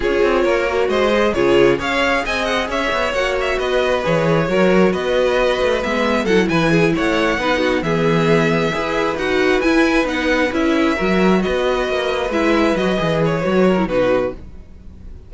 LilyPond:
<<
  \new Staff \with { instrumentName = "violin" } { \time 4/4 \tempo 4 = 134 cis''2 dis''4 cis''4 | f''4 gis''8 fis''8 e''4 fis''8 e''8 | dis''4 cis''2 dis''4~ | dis''4 e''4 fis''8 gis''4 fis''8~ |
fis''4. e''2~ e''8~ | e''8 fis''4 gis''4 fis''4 e''8~ | e''4. dis''2 e''8~ | e''8 dis''4 cis''4. b'4 | }
  \new Staff \with { instrumentName = "violin" } { \time 4/4 gis'4 ais'4 c''4 gis'4 | cis''4 dis''4 cis''2 | b'2 ais'4 b'4~ | b'2 a'8 b'8 gis'8 cis''8~ |
cis''8 b'8 fis'8 gis'2 b'8~ | b'1~ | b'8 ais'4 b'2~ b'8~ | b'2~ b'8 ais'8 fis'4 | }
  \new Staff \with { instrumentName = "viola" } { \time 4/4 f'4. fis'4 gis'8 f'4 | gis'2. fis'4~ | fis'4 gis'4 fis'2~ | fis'4 b4 e'2~ |
e'8 dis'4 b2 gis'8~ | gis'8 fis'4 e'4 dis'4 e'8~ | e'8 fis'2. e'8~ | e'8 fis'8 gis'4 fis'8. e'16 dis'4 | }
  \new Staff \with { instrumentName = "cello" } { \time 4/4 cis'8 c'8 ais4 gis4 cis4 | cis'4 c'4 cis'8 b8 ais4 | b4 e4 fis4 b4~ | b8 a8 gis4 fis8 e4 a8~ |
a8 b4 e2 e'8~ | e'8 dis'4 e'4 b4 cis'8~ | cis'8 fis4 b4 ais4 gis8~ | gis8 fis8 e4 fis4 b,4 | }
>>